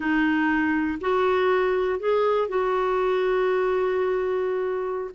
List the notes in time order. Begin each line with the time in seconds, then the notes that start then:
0.00 D#4
1.00 F#4
1.99 G#4
2.48 F#4